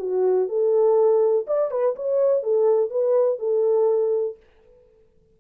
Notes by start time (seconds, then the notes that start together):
0.00 F#4
0.48 A4
1.47 D5
1.71 B4
1.96 C#5
2.43 A4
2.90 B4
3.39 A4